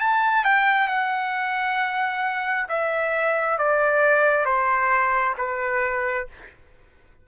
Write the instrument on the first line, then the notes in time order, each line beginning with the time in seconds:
trumpet
0.00 A5
0.45 G5
0.88 F#5
2.69 E5
3.59 D5
4.46 C5
5.38 B4